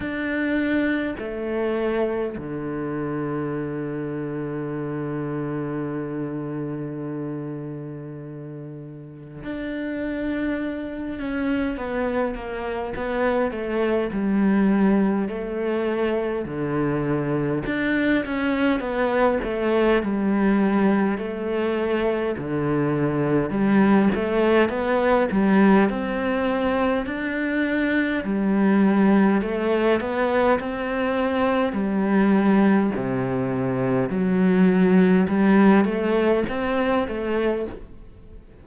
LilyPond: \new Staff \with { instrumentName = "cello" } { \time 4/4 \tempo 4 = 51 d'4 a4 d2~ | d1 | d'4. cis'8 b8 ais8 b8 a8 | g4 a4 d4 d'8 cis'8 |
b8 a8 g4 a4 d4 | g8 a8 b8 g8 c'4 d'4 | g4 a8 b8 c'4 g4 | c4 fis4 g8 a8 c'8 a8 | }